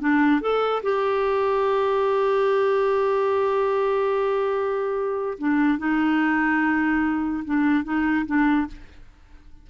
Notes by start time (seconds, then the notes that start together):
0.00 D4
0.41 A4
0.83 G4
5.38 D4
5.78 D#4
7.45 D4
7.84 D#4
8.26 D4